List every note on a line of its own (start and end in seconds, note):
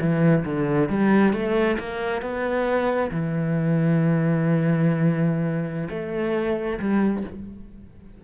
0.00 0.44 E3
0.44 0.89 D3
0.89 1.32 G3
1.32 1.77 A3
1.79 2.21 A#3
2.21 3.10 B3
3.11 5.88 E3
5.89 6.78 A3
6.79 7.23 G3